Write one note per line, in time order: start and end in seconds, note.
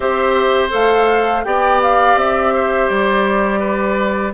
0.00 0.72 C4
0.00 0.69 G4
0.00 1.45 C5
0.00 0.70 E5
0.69 1.45 A3
0.69 1.41 A4
0.69 1.44 F5
1.44 2.16 B3
1.44 4.33 G4
1.44 2.54 D5
1.44 1.80 G5
1.82 2.18 F5
2.16 2.88 C4
2.16 2.88 E5
2.54 3.59 C5
2.88 4.33 G3
2.88 4.33 D5
3.59 4.31 B4